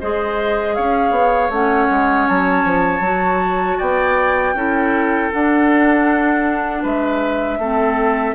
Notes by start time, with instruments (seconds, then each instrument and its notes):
0.00 bassoon G#3, clarinet G#4, oboe C5, flute D#5
0.75 bassoon C#4, oboe C#5, flute F5
1.11 bassoon B3
1.50 bassoon A3, clarinet C#4, flute F#5
1.90 bassoon G#3
2.28 bassoon F#3, flute A5
2.65 bassoon F3
3.00 bassoon F#3, clarinet F#4
3.78 bassoon B3, oboe D5, flute G5
4.54 bassoon C#4, clarinet E4, oboe A4
5.32 clarinet D4, bassoon D4, flute F#5
6.83 bassoon G#3, oboe B4, flute E5
7.58 bassoon A3, clarinet C4, oboe A4